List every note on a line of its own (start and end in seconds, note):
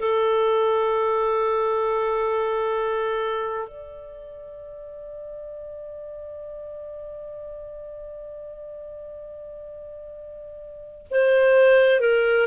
0.00 3.69 A4
3.69 11.07 D5
11.11 12.01 C5
12.01 12.47 A#4